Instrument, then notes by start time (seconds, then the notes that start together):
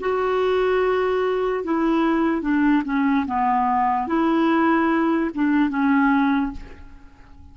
clarinet
0.00 F#4
1.64 E4
2.42 D4
2.84 C#4
3.26 B3
4.07 E4
5.35 D4
5.69 C#4